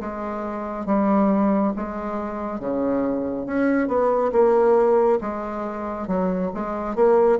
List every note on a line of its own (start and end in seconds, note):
0.00 0.86 G#3
0.86 1.73 G3
1.76 2.60 G#3
2.60 3.46 C#3
3.46 3.88 C#4
3.88 4.31 B3
4.32 5.19 A#3
5.21 6.08 G#3
6.08 6.51 F#3
6.54 6.95 G#3
6.95 7.39 A#3